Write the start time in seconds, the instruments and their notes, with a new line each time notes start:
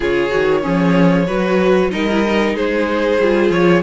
0.00 cello C#3, viola F4, violin G#4 C#5
0.30 cello D#3, viola F#4
0.62 cello F3, violin C#4, viola G#4
1.26 cello F#3, viola F#4, violin B4
1.91 cello G3, viola D#4, violin A#4 D#5
2.10 viola E4
2.25 viola D#4
2.54 cello G#3, violin G#4 C5
3.20 cello G3, viola F4
3.50 cello F3, violin C#5